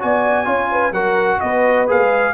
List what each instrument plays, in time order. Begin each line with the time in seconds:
0.00 tuba B3, trombone F#4, horn D5, trumpet G#5
0.45 tuba C#4, trombone F4, horn C#5
0.72 horn B4
0.92 tuba F#3, trombone F#4, horn A#4, trumpet F#5
1.40 tuba B3, horn B4, trumpet D#5
1.88 tuba A#3, trombone G#4, trumpet F5
1.98 tuba G#3